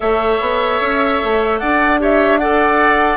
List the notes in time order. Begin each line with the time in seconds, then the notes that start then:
0.00 A3 A4 C#5 E5
0.40 B3
0.80 C#4
1.23 A3
1.58 D4 D5 F#5
1.99 G4 C#5 E5
2.38 A4 D5 F#5